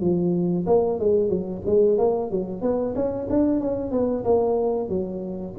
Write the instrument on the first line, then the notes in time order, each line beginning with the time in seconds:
tuba
0.00 F3
0.66 A#3
0.99 G#3
1.29 F#3
1.65 G#3
1.98 A#3
2.30 F#3
2.61 B3
2.95 C#4
3.29 D4
3.60 C#4
3.91 B3
4.24 A#3
4.88 F#3